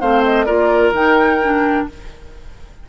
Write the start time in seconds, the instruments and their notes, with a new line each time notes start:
0.00 bassoon A3, clarinet C4, oboe C5, flute F5
0.24 flute D#5
0.45 bassoon A#3, clarinet F4, oboe A#4, flute D5
0.92 bassoon D#3, clarinet D#4, flute G5
1.42 clarinet D4